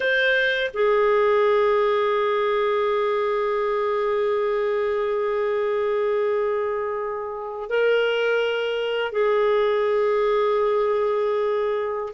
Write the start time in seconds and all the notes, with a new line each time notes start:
0.00 C5
0.73 G#4
7.69 A#4
9.12 G#4